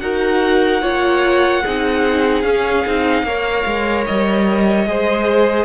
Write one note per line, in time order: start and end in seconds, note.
0.00 0.82 D#4
0.00 0.82 F#4
0.00 0.82 A#4
0.00 2.42 F#5
0.82 1.64 A#3
0.82 1.63 F4
0.82 1.63 C#5
1.63 2.43 C4
1.63 2.45 D#4
1.63 3.25 G#4
2.42 2.84 C#4
2.42 2.85 C#4
2.42 4.04 F5
2.86 3.23 C4
2.86 3.27 D#4
3.23 3.64 A#3
3.23 4.87 A#4
3.23 4.88 C#5
3.66 4.07 G#3
4.06 4.86 G3
4.06 5.65 D#5
4.86 5.65 G#3
4.86 5.65 G#4
4.86 5.65 C5